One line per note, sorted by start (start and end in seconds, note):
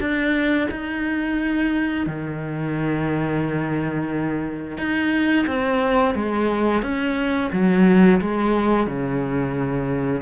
0.00 0.68 D4
0.71 2.06 D#4
2.06 4.78 D#3
4.78 5.46 D#4
5.47 6.15 C4
6.15 6.82 G#3
6.82 7.50 C#4
7.52 8.20 F#3
8.21 8.87 G#3
8.87 10.21 C#3